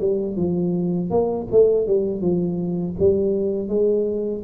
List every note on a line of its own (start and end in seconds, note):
0.00 0.36 G3
0.36 1.10 F3
1.10 1.47 A#3
1.51 1.87 A3
1.87 2.21 G3
2.21 2.95 F3
2.99 3.68 G3
3.68 4.42 G#3